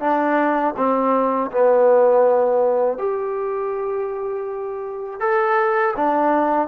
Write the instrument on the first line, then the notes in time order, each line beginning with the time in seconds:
trombone
0.00 D4
0.77 C4
1.51 B3
2.98 G4
5.20 A4
5.96 D4